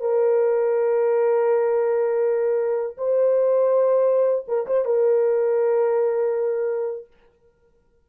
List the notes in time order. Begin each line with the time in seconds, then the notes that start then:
0.00 A#4
2.97 C5
4.47 A#4
4.66 C5
4.85 A#4